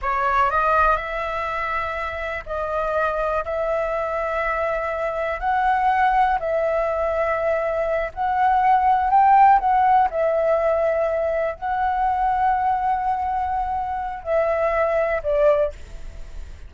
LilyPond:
\new Staff \with { instrumentName = "flute" } { \time 4/4 \tempo 4 = 122 cis''4 dis''4 e''2~ | e''4 dis''2 e''4~ | e''2. fis''4~ | fis''4 e''2.~ |
e''8 fis''2 g''4 fis''8~ | fis''8 e''2. fis''8~ | fis''1~ | fis''4 e''2 d''4 | }